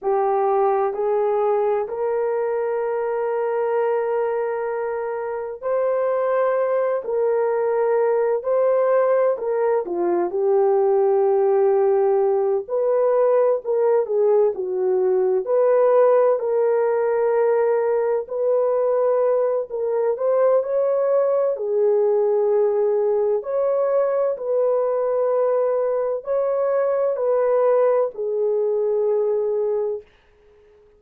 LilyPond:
\new Staff \with { instrumentName = "horn" } { \time 4/4 \tempo 4 = 64 g'4 gis'4 ais'2~ | ais'2 c''4. ais'8~ | ais'4 c''4 ais'8 f'8 g'4~ | g'4. b'4 ais'8 gis'8 fis'8~ |
fis'8 b'4 ais'2 b'8~ | b'4 ais'8 c''8 cis''4 gis'4~ | gis'4 cis''4 b'2 | cis''4 b'4 gis'2 | }